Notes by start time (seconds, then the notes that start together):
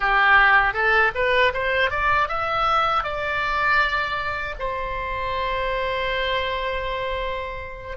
0.00 G4
0.73 A4
1.15 B4
1.53 C5
1.90 D5
2.28 E5
3.03 D5
4.59 C5